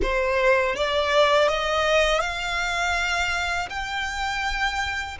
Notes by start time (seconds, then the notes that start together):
0.02 C5
0.75 D5
1.48 D#5
2.20 F5
3.69 G5